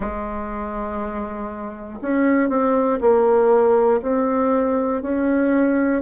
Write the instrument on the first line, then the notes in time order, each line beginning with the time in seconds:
bassoon
0.00 G#3
2.01 C#4
2.49 C4
3.00 A#3
4.01 C4
5.01 C#4